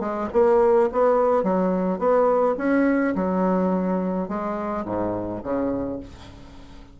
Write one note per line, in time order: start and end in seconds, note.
0.00 0.28 G#3
0.33 0.90 A#3
0.92 1.43 B3
1.43 1.99 F#3
1.99 2.55 B3
2.58 3.14 C#4
3.15 4.28 F#3
4.28 4.85 G#3
4.85 5.42 G#2
5.43 5.99 C#3